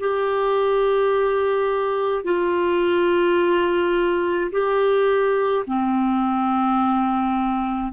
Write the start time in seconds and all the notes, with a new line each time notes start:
0.00 G4
2.24 F4
4.52 G4
5.67 C4